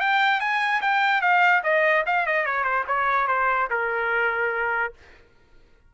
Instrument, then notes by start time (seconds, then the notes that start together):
trumpet
0.00 G5
0.40 G#5
0.81 G5
1.21 F5
1.63 D#5
2.06 F5
2.26 D#5
2.46 C#5
2.64 C5
2.87 C#5
3.27 C5
3.70 A#4